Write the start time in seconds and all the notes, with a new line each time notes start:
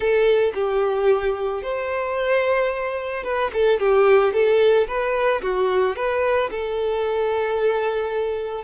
0.00 A4
0.54 G4
1.62 C5
3.23 B4
3.53 A4
3.79 G4
4.33 A4
4.87 B4
5.42 F#4
5.96 B4
6.50 A4